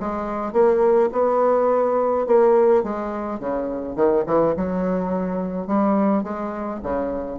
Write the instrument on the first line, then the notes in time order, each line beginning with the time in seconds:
bassoon
0.00 G#3
0.53 A#3
1.13 B3
2.27 A#3
2.84 G#3
3.40 C#3
3.96 D#3
4.26 E3
4.57 F#3
5.68 G3
6.24 G#3
6.84 C#3